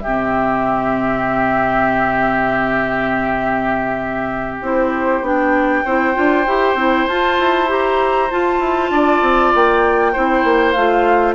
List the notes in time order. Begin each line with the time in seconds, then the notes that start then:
0.00 C3 G4 E5
0.07 C4
4.61 C4 E4 C5
5.22 B3 D4 G5
5.85 C4 E4 C5
6.14 D4 F4
6.47 E4 G4
6.75 C4 E4
7.07 F4 A5
7.39 E4
7.67 G4 A#5
8.30 F4 A5
8.59 E4
8.90 D4 D5
9.21 C4
9.54 A#3 G5
10.12 C4 E4 C5
10.44 A#3
10.72 A3 F4 F5